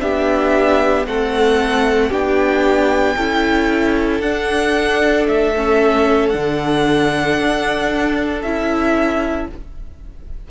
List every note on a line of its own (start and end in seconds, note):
0.00 1.06 B3
0.00 1.05 D4
0.00 1.07 G4
0.00 1.05 E5
1.06 2.11 A3
1.06 2.11 C4
1.06 2.09 A4
1.06 2.12 F#5
2.09 3.16 B3
2.09 3.17 D4
2.09 3.14 G4
2.09 4.21 G5
3.16 4.20 C#4
3.16 4.22 E4
3.16 9.47 A4
4.20 5.25 D4
4.20 5.54 D4
4.20 5.26 F#5
5.27 6.34 A3
5.27 6.29 E5
5.55 6.32 C#4
6.29 7.38 D3
6.29 8.43 D4
6.29 8.39 F#5
7.38 8.42 D4
8.42 9.48 C#4
8.42 9.50 E4
8.42 9.47 E5